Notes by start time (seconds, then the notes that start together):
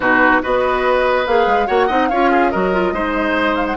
0.00 B2 D#4 F#4 B4
0.42 B3 F#4 B4 D#5
1.26 A#3 G#4 F5
1.46 G#3
1.66 A#3 F#4 C#5 F#5
1.87 C4 D#4 D#5
2.08 C#4 F4 C#5 F5
2.31 G#4
2.50 F#3 F#4 A#4 D#5
2.73 F4
2.92 G#3 D#4 C5
3.55 F5
3.66 F#5